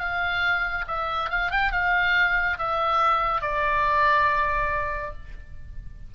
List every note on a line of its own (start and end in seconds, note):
0.00 0.86 F5
0.88 1.31 E5
1.31 1.52 F5
1.52 1.72 G5
1.72 2.58 F5
2.59 3.42 E5
3.42 5.13 D5